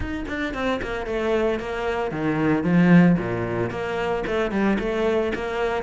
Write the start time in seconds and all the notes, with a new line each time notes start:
0.00 D#4
0.28 D4
0.54 C4
0.82 A#3
1.06 A3
1.59 A#3
2.11 D#3
2.63 F3
3.18 A#2
3.70 A#3
4.26 A3
4.51 G3
4.79 A3
5.34 A#3